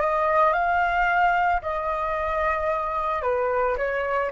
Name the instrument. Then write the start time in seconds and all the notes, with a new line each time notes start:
flute
0.00 D#5
0.53 F5
1.62 D#5
3.22 B4
3.77 C#5